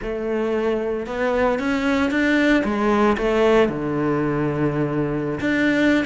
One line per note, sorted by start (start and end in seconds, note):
0.01 1.06 A3
1.06 1.59 B3
1.59 2.10 C#4
2.10 2.63 D4
2.64 3.17 G#3
3.17 3.68 A3
3.68 5.39 D3
5.40 6.05 D4